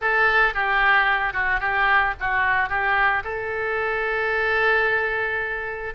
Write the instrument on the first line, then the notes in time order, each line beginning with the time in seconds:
oboe
0.01 A4
0.54 G4
1.33 F#4
1.59 G4
2.19 F#4
2.69 G4
3.24 A4